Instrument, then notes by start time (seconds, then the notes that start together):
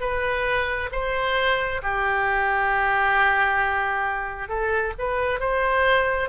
oboe
0.00 B4
0.92 C5
1.82 G4
4.48 A4
4.98 B4
5.40 C5